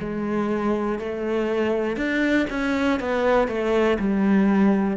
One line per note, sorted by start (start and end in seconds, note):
0.00 0.99 G#3
0.99 1.97 A3
1.97 2.47 D4
2.50 3.00 C#4
3.00 3.48 B3
3.48 3.98 A3
3.99 4.97 G3